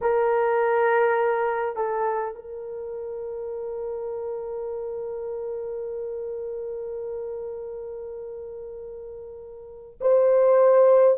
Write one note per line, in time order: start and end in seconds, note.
0.01 1.76 A#4
1.76 2.35 A4
2.35 9.99 A#4
10.00 11.18 C5